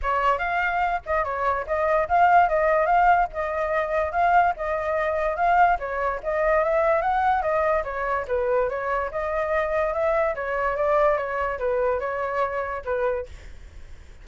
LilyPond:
\new Staff \with { instrumentName = "flute" } { \time 4/4 \tempo 4 = 145 cis''4 f''4. dis''8 cis''4 | dis''4 f''4 dis''4 f''4 | dis''2 f''4 dis''4~ | dis''4 f''4 cis''4 dis''4 |
e''4 fis''4 dis''4 cis''4 | b'4 cis''4 dis''2 | e''4 cis''4 d''4 cis''4 | b'4 cis''2 b'4 | }